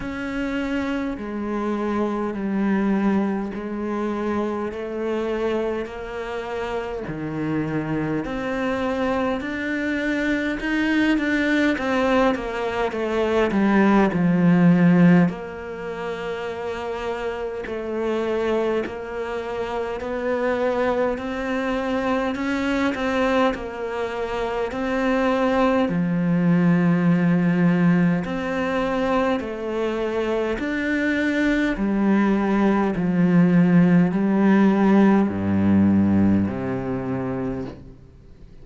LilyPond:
\new Staff \with { instrumentName = "cello" } { \time 4/4 \tempo 4 = 51 cis'4 gis4 g4 gis4 | a4 ais4 dis4 c'4 | d'4 dis'8 d'8 c'8 ais8 a8 g8 | f4 ais2 a4 |
ais4 b4 c'4 cis'8 c'8 | ais4 c'4 f2 | c'4 a4 d'4 g4 | f4 g4 g,4 c4 | }